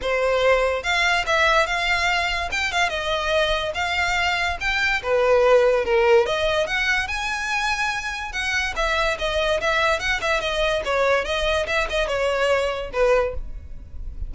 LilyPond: \new Staff \with { instrumentName = "violin" } { \time 4/4 \tempo 4 = 144 c''2 f''4 e''4 | f''2 g''8 f''8 dis''4~ | dis''4 f''2 g''4 | b'2 ais'4 dis''4 |
fis''4 gis''2. | fis''4 e''4 dis''4 e''4 | fis''8 e''8 dis''4 cis''4 dis''4 | e''8 dis''8 cis''2 b'4 | }